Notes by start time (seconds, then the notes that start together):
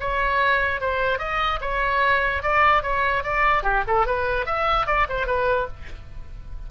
0.00 C#5
0.81 C5
1.18 D#5
1.61 C#5
2.42 D5
2.82 C#5
3.23 D5
3.63 G4
3.87 A4
4.06 B4
4.45 E5
4.86 D5
5.09 C5
5.26 B4